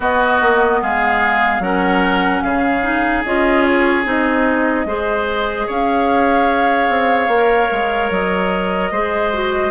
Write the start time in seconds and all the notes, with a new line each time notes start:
0.00 B3 F#4 D#5
0.41 A#3
0.81 G#3 G#4 F5
1.59 F#3 C#4 A#4 F#5
2.42 C#3 G#4 F5
2.82 D#4
3.24 C#4 F4 D#5
3.63 C#5
4.04 C4 D#4 D#5
4.85 G#3 G#4 C5
5.66 C#4 C#5 F5
6.89 C4
7.27 A#3
7.34 A#4
7.71 G#3
8.10 F#3 D#5
8.91 G#3 G#4 C5
9.33 F#4